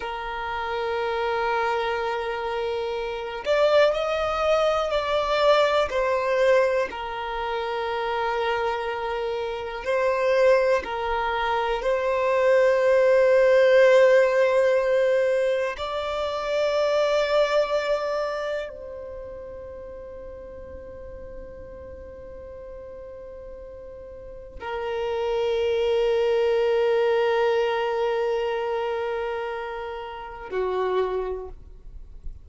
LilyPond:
\new Staff \with { instrumentName = "violin" } { \time 4/4 \tempo 4 = 61 ais'2.~ ais'8 d''8 | dis''4 d''4 c''4 ais'4~ | ais'2 c''4 ais'4 | c''1 |
d''2. c''4~ | c''1~ | c''4 ais'2.~ | ais'2. fis'4 | }